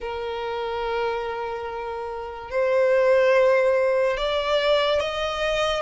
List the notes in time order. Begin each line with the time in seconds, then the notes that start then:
0.00 A#4
2.50 C5
4.17 D5
5.00 D#5